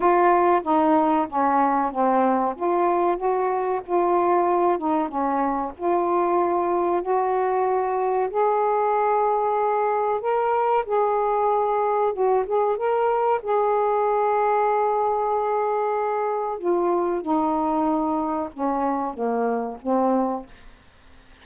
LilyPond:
\new Staff \with { instrumentName = "saxophone" } { \time 4/4 \tempo 4 = 94 f'4 dis'4 cis'4 c'4 | f'4 fis'4 f'4. dis'8 | cis'4 f'2 fis'4~ | fis'4 gis'2. |
ais'4 gis'2 fis'8 gis'8 | ais'4 gis'2.~ | gis'2 f'4 dis'4~ | dis'4 cis'4 ais4 c'4 | }